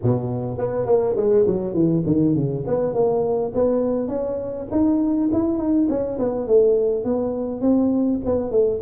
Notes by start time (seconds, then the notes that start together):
0.02 B2
0.58 B3
0.86 A#3
1.16 G#3
1.47 F#3
1.74 E3
2.06 D#3
2.35 C#3
2.66 B3
2.93 A#3
3.54 B3
4.07 C#4
4.71 D#4
5.32 E4
5.57 D#4
5.89 C#4
6.18 B3
6.47 A3
7.04 B3
7.61 C4
8.25 B3
8.51 A3